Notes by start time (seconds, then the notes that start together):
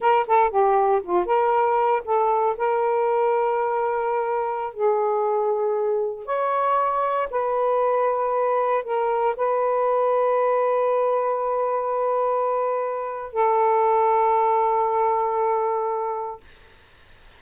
0.00 A#4
0.27 A4
0.50 G4
1.03 F4
1.25 A#4
2.05 A4
2.57 A#4
4.73 G#4
6.25 C#5
7.30 B4
8.84 A#4
9.36 B4
13.32 A4